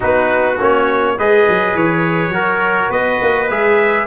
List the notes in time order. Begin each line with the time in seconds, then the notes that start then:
0.00 B3 D#4 F#4 B4
0.59 A#3 C#4 C#5
1.18 G#3 G#4 B4 D#5
1.48 F#3
1.75 E3 C#5
2.29 F#3 F#4 A#4
2.89 B3 B4 D#5
3.21 A#3
3.49 G#3 G#4 E5